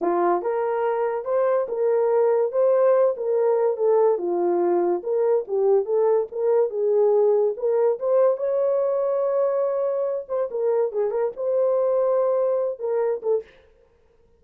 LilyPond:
\new Staff \with { instrumentName = "horn" } { \time 4/4 \tempo 4 = 143 f'4 ais'2 c''4 | ais'2 c''4. ais'8~ | ais'4 a'4 f'2 | ais'4 g'4 a'4 ais'4 |
gis'2 ais'4 c''4 | cis''1~ | cis''8 c''8 ais'4 gis'8 ais'8 c''4~ | c''2~ c''8 ais'4 a'8 | }